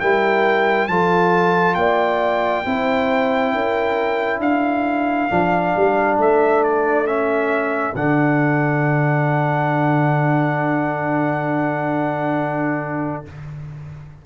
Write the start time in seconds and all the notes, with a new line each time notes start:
0.00 G3 E4 A#4 G5
0.88 F3 F4 A4 A5
1.75 A#3 D5 G5
2.65 C4 E4 C5
3.53 C#4 A#4
4.39 D4 A4 F5
5.30 F3 D4
5.76 G3
6.17 A3 E5
6.64 D5
7.06 C#4 E5
7.95 D3 D4 F#5